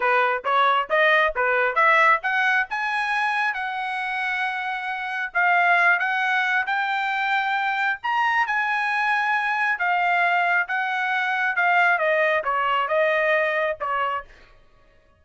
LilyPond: \new Staff \with { instrumentName = "trumpet" } { \time 4/4 \tempo 4 = 135 b'4 cis''4 dis''4 b'4 | e''4 fis''4 gis''2 | fis''1 | f''4. fis''4. g''4~ |
g''2 ais''4 gis''4~ | gis''2 f''2 | fis''2 f''4 dis''4 | cis''4 dis''2 cis''4 | }